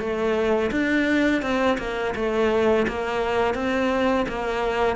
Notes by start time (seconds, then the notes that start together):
0.00 A3
0.72 D4
1.43 C4
1.79 A#3
2.16 A3
2.89 A#3
3.55 C4
4.29 A#3